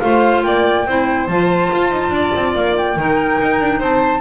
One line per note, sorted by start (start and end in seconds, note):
0.00 0.44 A3
0.00 0.87 F4
0.00 0.46 C5
0.00 0.42 F5
0.43 0.86 A#3
0.43 0.87 D5
0.43 1.27 G5
0.86 1.28 C4
0.86 1.29 E4
0.86 2.14 C5
1.27 1.70 F3
1.27 2.98 F4
1.27 2.54 A5
1.73 1.91 F4
1.91 2.10 D#4
2.10 2.31 D4
2.10 2.98 D5
2.35 2.55 C4
2.55 2.96 A#3
2.55 2.76 F5
2.77 3.82 G5
2.96 3.39 D#3
2.96 4.21 D#4
2.96 3.79 A#4
3.41 3.61 D#4
3.61 3.81 D4
3.79 4.21 C4
3.79 4.21 C5
3.79 4.21 A5